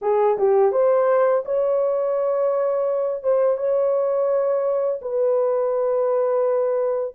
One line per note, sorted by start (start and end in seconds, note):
0.01 0.37 G#4
0.38 0.72 G4
0.72 1.43 C5
1.45 3.23 C#5
3.23 3.57 C5
3.57 5.00 C#5
5.01 7.14 B4